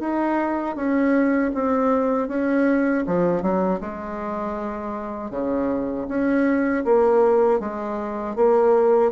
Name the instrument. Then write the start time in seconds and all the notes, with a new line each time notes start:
bassoon
0.00 D#4
0.76 C#4
1.54 C4
2.29 C#4
3.07 F3
3.42 F#3
3.81 G#3
5.31 C#3
6.08 C#4
6.85 A#3
7.60 G#3
8.36 A#3